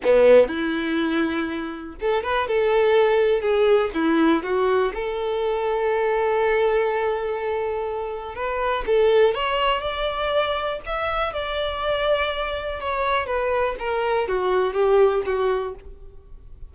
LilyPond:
\new Staff \with { instrumentName = "violin" } { \time 4/4 \tempo 4 = 122 b4 e'2. | a'8 b'8 a'2 gis'4 | e'4 fis'4 a'2~ | a'1~ |
a'4 b'4 a'4 cis''4 | d''2 e''4 d''4~ | d''2 cis''4 b'4 | ais'4 fis'4 g'4 fis'4 | }